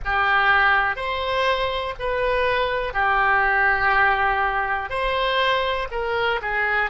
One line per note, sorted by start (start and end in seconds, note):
0.04 0.96 G4
0.96 1.94 C5
1.99 2.93 B4
2.93 4.89 G4
4.89 5.87 C5
5.91 6.40 A#4
6.41 6.90 G#4